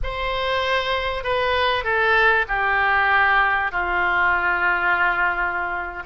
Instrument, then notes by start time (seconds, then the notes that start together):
oboe
0.03 C5
1.23 B4
1.84 A4
2.47 G4
3.71 F4